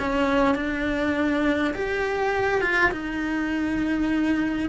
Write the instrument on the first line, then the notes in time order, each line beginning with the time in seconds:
cello
0.00 C#4
0.55 D4
1.75 G4
2.62 F4
2.92 D#4